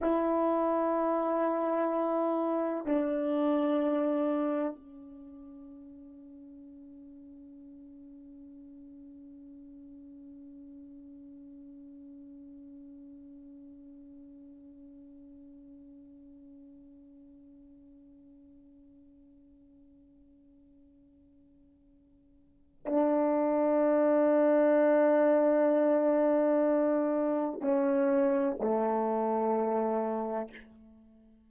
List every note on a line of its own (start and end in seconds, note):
0.01 2.85 E4
2.85 4.75 D4
4.75 22.85 C#4
22.86 27.60 D4
27.60 28.55 C#4
28.60 30.50 A3